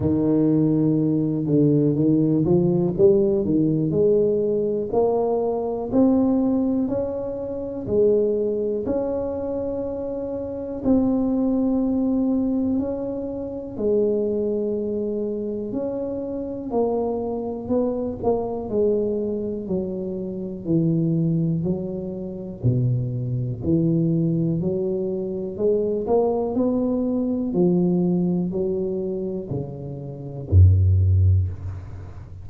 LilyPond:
\new Staff \with { instrumentName = "tuba" } { \time 4/4 \tempo 4 = 61 dis4. d8 dis8 f8 g8 dis8 | gis4 ais4 c'4 cis'4 | gis4 cis'2 c'4~ | c'4 cis'4 gis2 |
cis'4 ais4 b8 ais8 gis4 | fis4 e4 fis4 b,4 | e4 fis4 gis8 ais8 b4 | f4 fis4 cis4 fis,4 | }